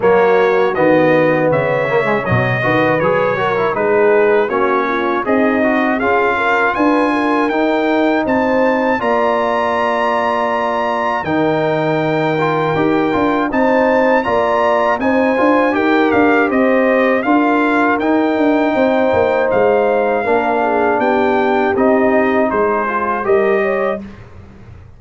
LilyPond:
<<
  \new Staff \with { instrumentName = "trumpet" } { \time 4/4 \tempo 4 = 80 cis''4 dis''4 e''4 dis''4 | cis''4 b'4 cis''4 dis''4 | f''4 gis''4 g''4 a''4 | ais''2. g''4~ |
g''2 a''4 ais''4 | gis''4 g''8 f''8 dis''4 f''4 | g''2 f''2 | g''4 dis''4 c''4 dis''4 | }
  \new Staff \with { instrumentName = "horn" } { \time 4/4 fis'2 cis''4. b'8~ | b'8 ais'8 gis'4 fis'8 f'8 dis'4 | gis'8 ais'8 b'8 ais'4. c''4 | d''2. ais'4~ |
ais'2 c''4 d''4 | c''4 ais'4 c''4 ais'4~ | ais'4 c''2 ais'8 gis'8 | g'2 gis'4 ais'8 cis''8 | }
  \new Staff \with { instrumentName = "trombone" } { \time 4/4 ais4 b4. ais16 gis16 fis8 fis'8 | gis'8 fis'16 e'16 dis'4 cis'4 gis'8 fis'8 | f'2 dis'2 | f'2. dis'4~ |
dis'8 f'8 g'8 f'8 dis'4 f'4 | dis'8 f'8 g'2 f'4 | dis'2. d'4~ | d'4 dis'4. f'8 g'4 | }
  \new Staff \with { instrumentName = "tuba" } { \time 4/4 fis4 dis4 cis4 b,8 dis8 | fis4 gis4 ais4 c'4 | cis'4 d'4 dis'4 c'4 | ais2. dis4~ |
dis4 dis'8 d'8 c'4 ais4 | c'8 d'8 dis'8 d'8 c'4 d'4 | dis'8 d'8 c'8 ais8 gis4 ais4 | b4 c'4 gis4 g4 | }
>>